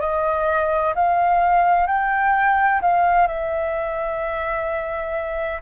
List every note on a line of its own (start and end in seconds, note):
0.00 0.94 D#5
0.95 1.87 F5
1.87 2.81 G5
2.81 3.27 F5
3.27 5.62 E5